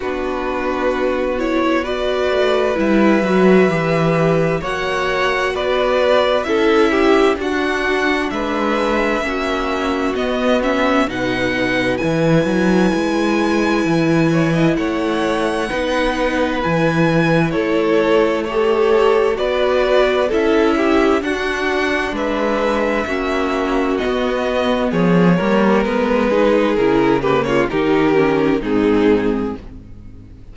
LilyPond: <<
  \new Staff \with { instrumentName = "violin" } { \time 4/4 \tempo 4 = 65 b'4. cis''8 d''4 e''4~ | e''4 fis''4 d''4 e''4 | fis''4 e''2 dis''8 e''8 | fis''4 gis''2. |
fis''2 gis''4 cis''4 | a'4 d''4 e''4 fis''4 | e''2 dis''4 cis''4 | b'4 ais'8 b'16 cis''16 ais'4 gis'4 | }
  \new Staff \with { instrumentName = "violin" } { \time 4/4 fis'2 b'2~ | b'4 cis''4 b'4 a'8 g'8 | fis'4 b'4 fis'2 | b'2.~ b'8 cis''16 dis''16 |
cis''4 b'2 a'4 | cis''4 b'4 a'8 g'8 fis'4 | b'4 fis'2 gis'8 ais'8~ | ais'8 gis'4 g'16 f'16 g'4 dis'4 | }
  \new Staff \with { instrumentName = "viola" } { \time 4/4 d'4. e'8 fis'4 e'8 fis'8 | g'4 fis'2 e'4 | d'2 cis'4 b8 cis'8 | dis'4 e'2.~ |
e'4 dis'4 e'2 | g'4 fis'4 e'4 d'4~ | d'4 cis'4 b4. ais8 | b8 dis'8 e'8 ais8 dis'8 cis'8 c'4 | }
  \new Staff \with { instrumentName = "cello" } { \time 4/4 b2~ b8 a8 g8 fis8 | e4 ais4 b4 cis'4 | d'4 gis4 ais4 b4 | b,4 e8 fis8 gis4 e4 |
a4 b4 e4 a4~ | a4 b4 cis'4 d'4 | gis4 ais4 b4 f8 g8 | gis4 cis4 dis4 gis,4 | }
>>